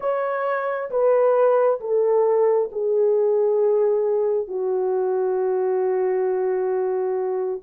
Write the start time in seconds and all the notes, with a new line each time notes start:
0.00 C#5
0.90 B4
1.80 A4
2.72 G#4
4.47 F#4